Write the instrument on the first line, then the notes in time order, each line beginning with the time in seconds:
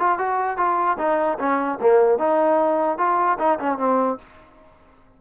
trombone
0.00 F4
0.19 F#4
0.58 F4
0.99 D#4
1.39 C#4
1.81 A#3
2.19 D#4
2.99 F4
3.39 D#4
3.60 C#4
3.79 C4